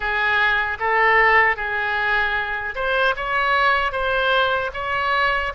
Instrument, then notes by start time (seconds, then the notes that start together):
oboe
0.00 G#4
0.79 A4
1.56 G#4
2.75 C5
3.16 C#5
3.92 C5
4.73 C#5